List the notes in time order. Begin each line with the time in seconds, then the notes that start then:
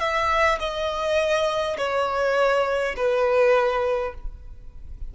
0.00 E5
0.59 D#5
1.78 C#5
2.96 B4